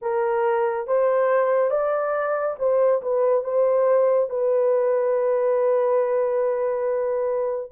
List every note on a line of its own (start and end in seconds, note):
0.01 0.87 A#4
0.87 1.70 C5
1.70 2.56 D5
2.58 3.01 C5
3.02 3.44 B4
3.44 4.29 C5
4.29 7.71 B4